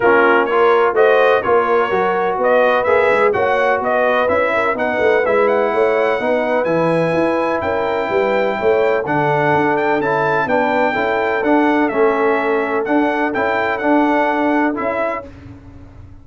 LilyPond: <<
  \new Staff \with { instrumentName = "trumpet" } { \time 4/4 \tempo 4 = 126 ais'4 cis''4 dis''4 cis''4~ | cis''4 dis''4 e''4 fis''4 | dis''4 e''4 fis''4 e''8 fis''8~ | fis''2 gis''2 |
g''2. fis''4~ | fis''8 g''8 a''4 g''2 | fis''4 e''2 fis''4 | g''4 fis''2 e''4 | }
  \new Staff \with { instrumentName = "horn" } { \time 4/4 f'4 ais'4 c''4 ais'4~ | ais'4 b'2 cis''4 | b'4. ais'8 b'2 | cis''4 b'2. |
ais'4 b'4 cis''4 a'4~ | a'2 b'4 a'4~ | a'1~ | a'1 | }
  \new Staff \with { instrumentName = "trombone" } { \time 4/4 cis'4 f'4 fis'4 f'4 | fis'2 gis'4 fis'4~ | fis'4 e'4 dis'4 e'4~ | e'4 dis'4 e'2~ |
e'2. d'4~ | d'4 e'4 d'4 e'4 | d'4 cis'2 d'4 | e'4 d'2 e'4 | }
  \new Staff \with { instrumentName = "tuba" } { \time 4/4 ais2 a4 ais4 | fis4 b4 ais8 gis8 ais4 | b4 cis'4 b8 a8 gis4 | a4 b4 e4 e'4 |
cis'4 g4 a4 d4 | d'4 cis'4 b4 cis'4 | d'4 a2 d'4 | cis'4 d'2 cis'4 | }
>>